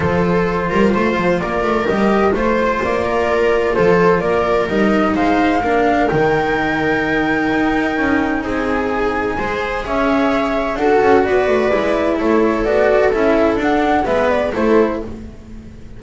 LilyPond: <<
  \new Staff \with { instrumentName = "flute" } { \time 4/4 \tempo 4 = 128 c''2. d''4 | dis''4 c''4 d''2 | c''4 d''4 dis''4 f''4~ | f''4 g''2.~ |
g''2 gis''2~ | gis''4 e''2 fis''4 | d''2 cis''4 d''4 | e''4 fis''4 e''8 d''8 c''4 | }
  \new Staff \with { instrumentName = "viola" } { \time 4/4 a'4. ais'8 c''4 ais'4~ | ais'4 c''4. ais'4. | a'4 ais'2 c''4 | ais'1~ |
ais'2 gis'2 | c''4 cis''2 a'4 | b'2 a'2~ | a'2 b'4 a'4 | }
  \new Staff \with { instrumentName = "cello" } { \time 4/4 f'1 | g'4 f'2.~ | f'2 dis'2 | d'4 dis'2.~ |
dis'1 | gis'2. fis'4~ | fis'4 e'2 fis'4 | e'4 d'4 b4 e'4 | }
  \new Staff \with { instrumentName = "double bass" } { \time 4/4 f4. g8 a8 f8 ais8 a8 | g4 a4 ais2 | f4 ais4 g4 gis4 | ais4 dis2. |
dis'4 cis'4 c'2 | gis4 cis'2 d'8 cis'8 | b8 a8 gis4 a4 b4 | cis'4 d'4 gis4 a4 | }
>>